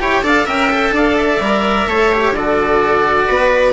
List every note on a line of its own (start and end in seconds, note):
0.00 0.23 E4
0.00 0.23 G4
0.00 0.24 C#5
0.00 0.24 G5
0.23 0.46 D4
0.23 0.47 A4
0.23 0.46 D5
0.23 0.48 F5
0.46 0.91 C#4
0.46 0.70 A#4
0.46 0.93 E5
0.46 0.95 G5
0.71 1.41 A4
0.91 1.38 D4
0.91 1.89 D5
0.91 1.17 F5
1.17 2.34 E5
1.41 1.87 G3
1.41 1.90 A#4
1.87 2.32 A3
1.87 2.12 A4
1.87 2.36 C#5
2.12 2.36 G4
2.32 3.26 D3
2.32 3.74 F#4
2.32 3.28 A4
2.32 3.74 D5
3.28 3.74 B3
3.28 3.74 B4